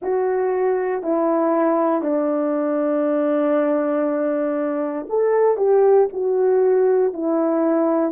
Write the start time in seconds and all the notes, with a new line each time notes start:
0.01 F#4
1.03 E4
2.02 D4
5.08 A4
5.57 G4
6.12 F#4
7.13 E4